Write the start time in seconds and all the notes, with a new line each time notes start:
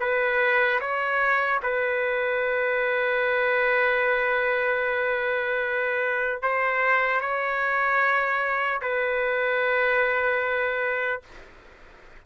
0.00 B4
0.80 C#5
1.63 B4
6.42 C5
7.20 C#5
8.81 B4